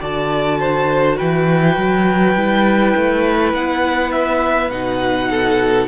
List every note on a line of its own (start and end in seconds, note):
0.00 1.19 D3
0.00 2.36 F#4
0.00 0.59 D5
0.00 1.18 A5
0.60 1.17 C5
1.17 1.77 E3
1.17 5.28 B4
1.17 3.53 G5
1.77 2.35 F#3
2.35 2.94 G3
2.35 4.71 E4
2.96 3.54 A3
3.54 4.70 B3
3.54 4.12 F#5
4.12 4.71 E5
4.70 5.88 B2
4.70 5.88 D#4
4.70 5.88 F#5
5.30 5.88 A4